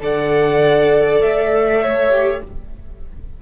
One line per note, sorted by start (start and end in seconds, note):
0.00 1.21 D3
0.00 2.10 A4
0.00 1.82 D5
0.00 1.21 F#5
1.21 2.42 A3
1.21 2.41 E5
1.82 2.42 C#5
2.10 2.40 G4